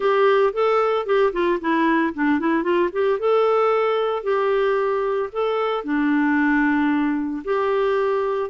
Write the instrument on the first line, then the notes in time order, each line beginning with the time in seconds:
clarinet
0.00 G4
0.53 A4
1.05 G4
1.32 F4
1.60 E4
2.14 D4
2.39 E4
2.63 F4
2.92 G4
3.19 A4
4.23 G4
5.32 A4
5.84 D4
7.44 G4